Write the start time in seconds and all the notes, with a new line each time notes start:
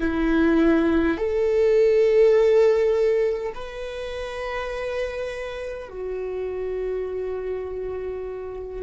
0.00 E4
1.18 A4
3.55 B4
5.90 F#4